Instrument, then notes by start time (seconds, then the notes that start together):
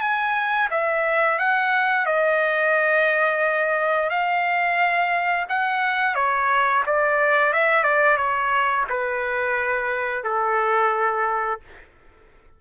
trumpet
0.00 G#5
0.70 E5
1.38 F#5
2.06 D#5
4.09 F5
5.49 F#5
6.15 C#5
6.86 D5
7.53 E5
7.83 D5
8.17 C#5
8.89 B4
10.24 A4